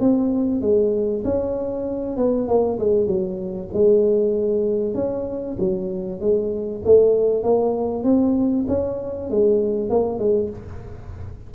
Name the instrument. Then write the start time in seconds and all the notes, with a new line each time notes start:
tuba
0.00 C4
0.61 G#3
1.24 C#4
2.17 B3
2.48 A#3
2.79 G#3
3.07 F#3
3.73 G#3
4.95 C#4
5.59 F#3
6.20 G#3
6.85 A3
7.43 A#3
8.04 C4
8.68 C#4
9.30 G#3
9.90 A#3
10.19 G#3